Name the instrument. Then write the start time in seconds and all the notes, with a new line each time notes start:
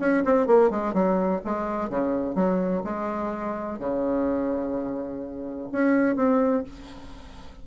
bassoon
0.00 C#4
0.25 C4
0.47 A#3
0.71 G#3
0.94 F#3
1.45 G#3
1.90 C#3
2.35 F#3
2.84 G#3
3.79 C#3
5.72 C#4
6.16 C4